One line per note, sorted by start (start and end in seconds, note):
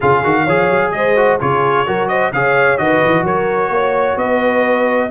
0.00 0.24 C#3
0.00 0.23 F4
0.00 0.42 G#4
0.00 0.91 F5
0.23 0.47 D#3
0.23 0.47 F#4
0.44 0.69 F3
0.44 1.16 G#4
0.44 0.90 C#5
0.69 0.93 F#3
0.91 1.39 G#3
0.91 1.40 C5
0.91 1.38 D#5
1.16 1.39 F#4
1.39 1.87 C#3
1.39 1.86 F4
1.39 1.86 G#4
1.39 2.08 C#5
1.86 2.32 F#3
1.86 2.32 F#4
1.86 2.09 A#4
2.08 2.32 C5
2.08 2.31 D#5
2.32 2.78 C#3
2.32 2.78 G#4
2.32 2.81 C#5
2.32 2.77 F5
2.77 3.01 D#3
2.77 5.10 F#4
2.77 3.24 B4
2.77 3.24 D#5
3.05 3.23 E3
3.23 3.69 F#3
3.23 3.71 A#4
3.23 4.18 C#5
3.69 4.16 A#3
3.69 4.20 C#5
4.16 5.09 B3
4.16 5.10 B4
4.16 5.10 D#5